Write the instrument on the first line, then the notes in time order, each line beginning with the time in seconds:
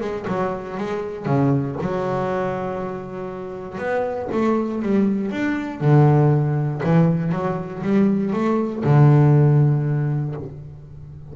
double bass
0.00 G#3
0.27 F#3
0.77 G#3
1.25 C#3
1.81 F#3
3.78 B3
4.32 A3
4.82 G3
5.31 D4
5.80 D3
6.83 E3
7.32 F#3
7.82 G3
8.33 A3
8.83 D3